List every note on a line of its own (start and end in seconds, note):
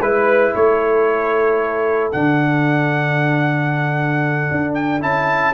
0.00 0.53 G#3
0.00 2.13 E4
0.00 0.55 B4
0.00 0.56 B4
0.56 2.14 A3
0.56 5.54 A4
0.56 2.12 C#5
2.12 4.51 D3
2.12 5.01 D4
2.12 4.75 F#5
4.52 5.03 D4
4.75 5.01 G5
5.01 5.54 C#4
5.01 5.54 E4
5.01 5.54 A5